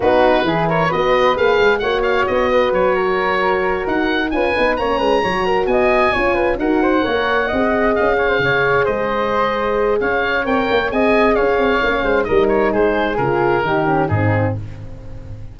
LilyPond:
<<
  \new Staff \with { instrumentName = "oboe" } { \time 4/4 \tempo 4 = 132 b'4. cis''8 dis''4 f''4 | fis''8 f''8 dis''4 cis''2~ | cis''8 fis''4 gis''4 ais''4.~ | ais''8 gis''2 fis''4.~ |
fis''4. f''2 dis''8~ | dis''2 f''4 g''4 | gis''4 f''2 dis''8 cis''8 | c''4 ais'2 gis'4 | }
  \new Staff \with { instrumentName = "flute" } { \time 4/4 fis'4 gis'8 ais'8 b'2 | cis''4. b'4 ais'4.~ | ais'4. b'4 cis''8 b'8 cis''8 | ais'8 dis''4 cis''8 b'8 ais'8 c''8 cis''8~ |
cis''8 dis''4. cis''16 c''16 cis''4 c''8~ | c''2 cis''2 | dis''4 cis''4. c''8 ais'4 | gis'2 g'4 dis'4 | }
  \new Staff \with { instrumentName = "horn" } { \time 4/4 dis'4 e'4 fis'4 gis'4 | fis'1~ | fis'4. f'8 dis'8 cis'4 fis'8~ | fis'4. f'4 fis'4 ais'8~ |
ais'8 gis'2.~ gis'8~ | gis'2. ais'4 | gis'2 cis'4 dis'4~ | dis'4 f'4 dis'8 cis'8 c'4 | }
  \new Staff \with { instrumentName = "tuba" } { \time 4/4 b4 e4 b4 ais8 gis8 | ais4 b4 fis2~ | fis8 dis'4 cis'8 b8 ais8 gis8 fis8~ | fis8 b4 cis'4 dis'4 ais8~ |
ais8 c'4 cis'4 cis4 gis8~ | gis2 cis'4 c'8 ais8 | c'4 cis'8 c'8 ais8 gis8 g4 | gis4 cis4 dis4 gis,4 | }
>>